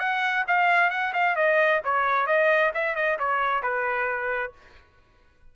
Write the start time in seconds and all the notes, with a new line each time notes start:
0.00 F#5
0.48 F5
0.91 F#5
1.14 F5
1.36 D#5
1.85 C#5
2.27 D#5
2.74 E5
2.96 D#5
3.19 C#5
3.63 B4